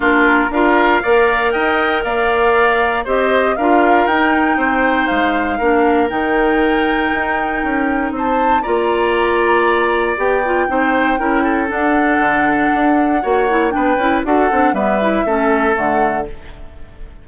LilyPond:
<<
  \new Staff \with { instrumentName = "flute" } { \time 4/4 \tempo 4 = 118 ais'4 f''2 g''4 | f''2 dis''4 f''4 | g''2 f''2 | g''1 |
a''4 ais''2. | g''2. fis''4~ | fis''2. g''4 | fis''4 e''2 fis''4 | }
  \new Staff \with { instrumentName = "oboe" } { \time 4/4 f'4 ais'4 d''4 dis''4 | d''2 c''4 ais'4~ | ais'4 c''2 ais'4~ | ais'1 |
c''4 d''2.~ | d''4 c''4 ais'8 a'4.~ | a'2 cis''4 b'4 | a'4 b'4 a'2 | }
  \new Staff \with { instrumentName = "clarinet" } { \time 4/4 d'4 f'4 ais'2~ | ais'2 g'4 f'4 | dis'2. d'4 | dis'1~ |
dis'4 f'2. | g'8 f'8 dis'4 e'4 d'4~ | d'2 fis'8 e'8 d'8 e'8 | fis'8 d'8 b8 e'8 cis'4 a4 | }
  \new Staff \with { instrumentName = "bassoon" } { \time 4/4 ais4 d'4 ais4 dis'4 | ais2 c'4 d'4 | dis'4 c'4 gis4 ais4 | dis2 dis'4 cis'4 |
c'4 ais2. | b4 c'4 cis'4 d'4 | d4 d'4 ais4 b8 cis'8 | d'8 c'8 g4 a4 d4 | }
>>